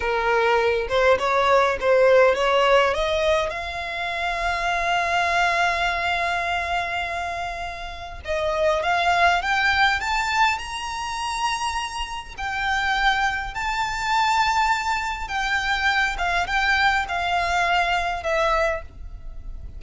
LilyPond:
\new Staff \with { instrumentName = "violin" } { \time 4/4 \tempo 4 = 102 ais'4. c''8 cis''4 c''4 | cis''4 dis''4 f''2~ | f''1~ | f''2 dis''4 f''4 |
g''4 a''4 ais''2~ | ais''4 g''2 a''4~ | a''2 g''4. f''8 | g''4 f''2 e''4 | }